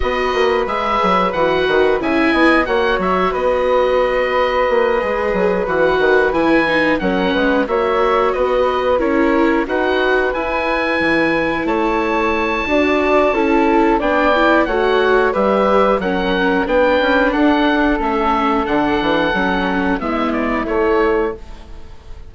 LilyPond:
<<
  \new Staff \with { instrumentName = "oboe" } { \time 4/4 \tempo 4 = 90 dis''4 e''4 fis''4 gis''4 | fis''8 e''8 dis''2.~ | dis''8 fis''4 gis''4 fis''4 e''8~ | e''8 dis''4 cis''4 fis''4 gis''8~ |
gis''4. a''2~ a''8~ | a''4 g''4 fis''4 e''4 | fis''4 g''4 fis''4 e''4 | fis''2 e''8 d''8 cis''4 | }
  \new Staff \with { instrumentName = "flute" } { \time 4/4 b'2. e''8 dis''8 | cis''4 b'2.~ | b'2~ b'8 ais'8 b'8 cis''8~ | cis''8 b'4 ais'4 b'4.~ |
b'4. cis''4. d''4 | a'4 d''4 cis''4 b'4 | ais'4 b'4 a'2~ | a'2 e'2 | }
  \new Staff \with { instrumentName = "viola" } { \time 4/4 fis'4 gis'4 fis'4 e'4 | fis'2.~ fis'8 gis'8~ | gis'8 fis'4 e'8 dis'8 cis'4 fis'8~ | fis'4. e'4 fis'4 e'8~ |
e'2. fis'4 | e'4 d'8 e'8 fis'4 g'4 | cis'4 d'2 cis'4 | d'4 cis'4 b4 a4 | }
  \new Staff \with { instrumentName = "bassoon" } { \time 4/4 b8 ais8 gis8 fis8 e8 dis8 cis8 b8 | ais8 fis8 b2 ais8 gis8 | fis8 e8 dis8 e4 fis8 gis8 ais8~ | ais8 b4 cis'4 dis'4 e'8~ |
e'8 e4 a4. d'4 | cis'4 b4 a4 g4 | fis4 b8 cis'8 d'4 a4 | d8 e8 fis4 gis4 a4 | }
>>